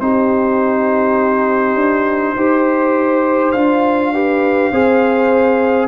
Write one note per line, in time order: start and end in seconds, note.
0.00 1.75 C4
0.00 2.36 D#4
0.00 2.36 G4
0.00 3.52 C5
1.75 2.34 D4
2.35 3.53 D#4
2.35 3.54 G4
2.35 4.12 C5
3.52 4.71 D4
3.52 4.14 F4
3.52 5.87 F5
4.13 4.73 G4
4.13 4.72 B4
4.71 5.88 C4
4.71 5.88 G#4
4.71 5.88 C5